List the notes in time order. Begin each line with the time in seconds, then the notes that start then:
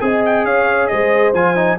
0.00 C4 G#4 D#5 G#5
0.25 G5
0.44 C#4 C#5 F5
0.87 G#3 C5 D#5
1.33 F3 F4 G#5
1.56 D#4